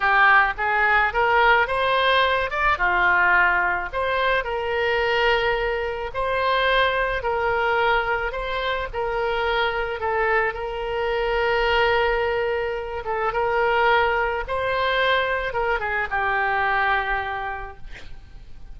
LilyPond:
\new Staff \with { instrumentName = "oboe" } { \time 4/4 \tempo 4 = 108 g'4 gis'4 ais'4 c''4~ | c''8 d''8 f'2 c''4 | ais'2. c''4~ | c''4 ais'2 c''4 |
ais'2 a'4 ais'4~ | ais'2.~ ais'8 a'8 | ais'2 c''2 | ais'8 gis'8 g'2. | }